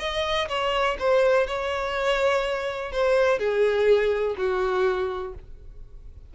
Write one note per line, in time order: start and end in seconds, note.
0.00 0.48 D#5
0.49 0.97 C#5
1.00 1.47 C5
1.47 2.92 C#5
2.93 3.39 C5
3.39 4.36 G#4
4.38 5.34 F#4